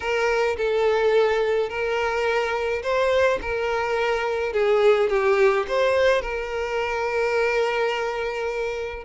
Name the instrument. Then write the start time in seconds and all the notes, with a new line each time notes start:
violin
0.00 A#4
0.57 A4
1.69 A#4
2.82 C5
3.41 A#4
4.53 G#4
5.09 G4
5.68 C5
6.21 A#4